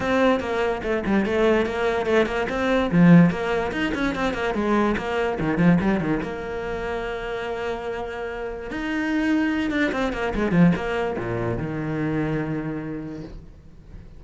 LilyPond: \new Staff \with { instrumentName = "cello" } { \time 4/4 \tempo 4 = 145 c'4 ais4 a8 g8 a4 | ais4 a8 ais8 c'4 f4 | ais4 dis'8 cis'8 c'8 ais8 gis4 | ais4 dis8 f8 g8 dis8 ais4~ |
ais1~ | ais4 dis'2~ dis'8 d'8 | c'8 ais8 gis8 f8 ais4 ais,4 | dis1 | }